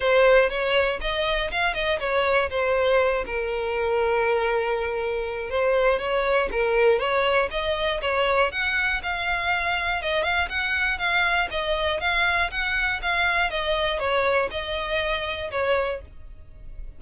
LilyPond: \new Staff \with { instrumentName = "violin" } { \time 4/4 \tempo 4 = 120 c''4 cis''4 dis''4 f''8 dis''8 | cis''4 c''4. ais'4.~ | ais'2. c''4 | cis''4 ais'4 cis''4 dis''4 |
cis''4 fis''4 f''2 | dis''8 f''8 fis''4 f''4 dis''4 | f''4 fis''4 f''4 dis''4 | cis''4 dis''2 cis''4 | }